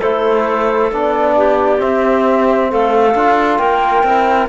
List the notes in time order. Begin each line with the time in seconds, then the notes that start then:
0.00 A3 E4 A4 C5
0.91 B3 D4 D5
1.37 G4
1.78 C4 E5
2.71 A3 A4 F5
3.15 D4 F4
3.58 A#3 A#4 G5
4.03 C4 E4